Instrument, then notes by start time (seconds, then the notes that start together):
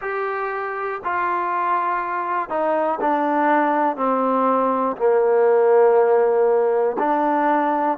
trombone
0.01 G4
1.04 F4
2.49 D#4
3.00 D4
3.96 C4
4.96 A#3
6.99 D4